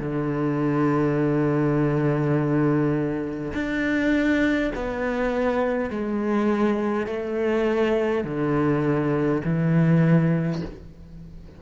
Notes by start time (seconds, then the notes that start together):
0.00 D3
3.55 D4
4.75 B3
5.90 G#3
7.07 A3
8.25 D3
9.44 E3